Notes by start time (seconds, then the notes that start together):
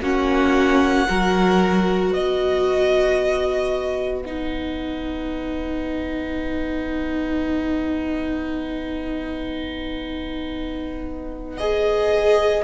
0.00 A#3 C#4 F#4 F#5
1.08 F#3 F#4 A#4
2.11 B3 B4 D#5
4.22 D#4 F#5
11.58 G#4 D#5